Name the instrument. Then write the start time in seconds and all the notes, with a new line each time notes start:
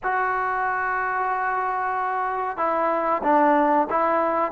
trombone
0.03 F#4
2.57 E4
3.23 D4
3.90 E4